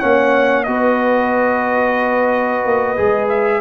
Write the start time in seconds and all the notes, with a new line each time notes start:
0.00 A#3 C#4 C#5 F#5
0.64 B3 F#4 B4 D#5
2.66 A#3
2.97 G#3 G#4
3.29 E5